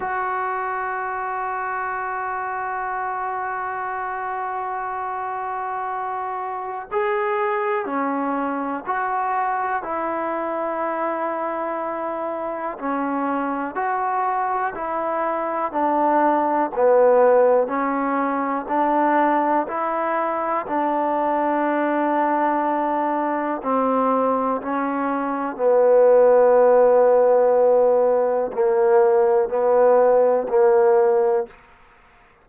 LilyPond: \new Staff \with { instrumentName = "trombone" } { \time 4/4 \tempo 4 = 61 fis'1~ | fis'2. gis'4 | cis'4 fis'4 e'2~ | e'4 cis'4 fis'4 e'4 |
d'4 b4 cis'4 d'4 | e'4 d'2. | c'4 cis'4 b2~ | b4 ais4 b4 ais4 | }